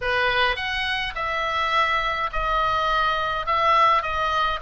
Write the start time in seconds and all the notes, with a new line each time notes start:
0.01 B4
0.55 F#5
1.15 E5
2.32 D#5
3.46 E5
4.02 D#5